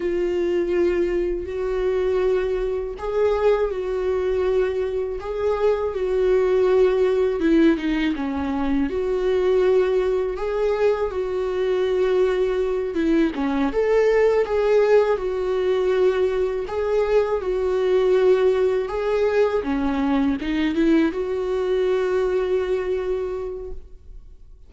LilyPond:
\new Staff \with { instrumentName = "viola" } { \time 4/4 \tempo 4 = 81 f'2 fis'2 | gis'4 fis'2 gis'4 | fis'2 e'8 dis'8 cis'4 | fis'2 gis'4 fis'4~ |
fis'4. e'8 cis'8 a'4 gis'8~ | gis'8 fis'2 gis'4 fis'8~ | fis'4. gis'4 cis'4 dis'8 | e'8 fis'2.~ fis'8 | }